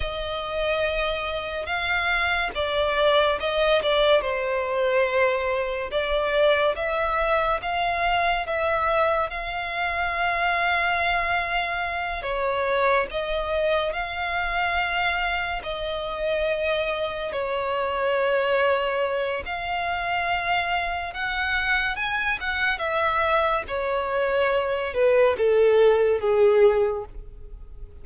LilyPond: \new Staff \with { instrumentName = "violin" } { \time 4/4 \tempo 4 = 71 dis''2 f''4 d''4 | dis''8 d''8 c''2 d''4 | e''4 f''4 e''4 f''4~ | f''2~ f''8 cis''4 dis''8~ |
dis''8 f''2 dis''4.~ | dis''8 cis''2~ cis''8 f''4~ | f''4 fis''4 gis''8 fis''8 e''4 | cis''4. b'8 a'4 gis'4 | }